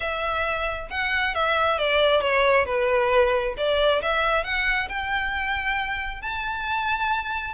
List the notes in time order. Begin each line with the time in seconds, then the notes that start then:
0.00 E5
0.90 F#5
1.34 E5
1.78 D5
2.21 C#5
2.65 B4
3.57 D5
4.01 E5
4.43 F#5
4.88 G5
6.21 A5